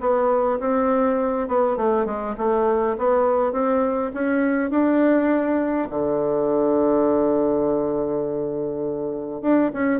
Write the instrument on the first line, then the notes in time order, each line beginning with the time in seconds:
bassoon
0.00 B3
0.60 C4
1.48 B3
1.76 A3
2.06 G#3
2.37 A3
2.98 B3
3.52 C4
4.14 C#4
4.70 D4
5.90 D3
9.41 D4
9.73 C#4